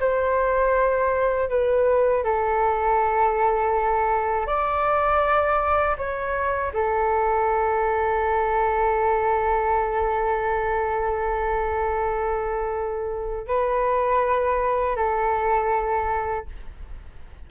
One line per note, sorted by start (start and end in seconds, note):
0.00 1.49 C5
1.49 2.24 B4
2.24 4.47 A4
4.47 5.97 D5
5.98 6.73 C#5
6.73 13.48 A4
13.48 14.96 B4
14.96 16.46 A4